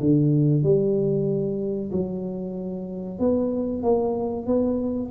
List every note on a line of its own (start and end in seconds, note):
0.00 0.64 D3
0.64 1.91 G3
1.91 3.19 F#3
3.19 3.83 B3
3.83 4.46 A#3
4.46 5.10 B3